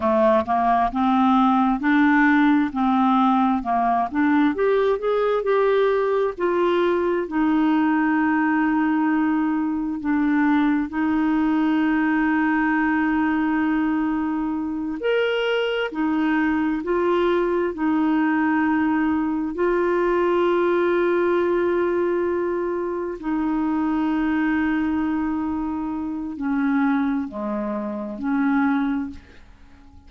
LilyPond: \new Staff \with { instrumentName = "clarinet" } { \time 4/4 \tempo 4 = 66 a8 ais8 c'4 d'4 c'4 | ais8 d'8 g'8 gis'8 g'4 f'4 | dis'2. d'4 | dis'1~ |
dis'8 ais'4 dis'4 f'4 dis'8~ | dis'4. f'2~ f'8~ | f'4. dis'2~ dis'8~ | dis'4 cis'4 gis4 cis'4 | }